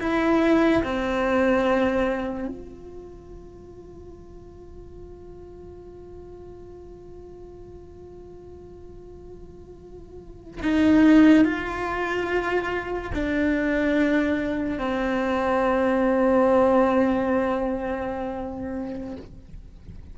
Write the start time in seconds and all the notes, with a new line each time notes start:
0.00 E4
0.84 C4
2.48 F4
10.62 D#4
11.45 F4
13.14 D4
14.79 C4